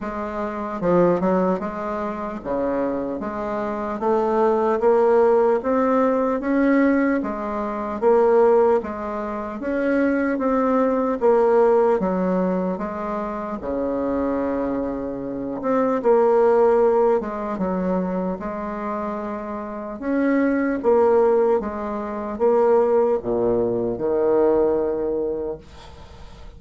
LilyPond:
\new Staff \with { instrumentName = "bassoon" } { \time 4/4 \tempo 4 = 75 gis4 f8 fis8 gis4 cis4 | gis4 a4 ais4 c'4 | cis'4 gis4 ais4 gis4 | cis'4 c'4 ais4 fis4 |
gis4 cis2~ cis8 c'8 | ais4. gis8 fis4 gis4~ | gis4 cis'4 ais4 gis4 | ais4 ais,4 dis2 | }